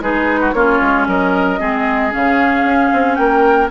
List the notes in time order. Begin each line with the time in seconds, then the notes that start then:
0.00 G#3 D#4 G#4 B4
0.40 F#4
0.53 A#3 C#4 F4 C#5
0.81 G#3
1.07 F#3 A#4 D#5
1.59 G#3 C4 G#4
2.11 C#3 C#4 F5
2.64 C#4
2.93 C4
3.15 A#3 A#4 G5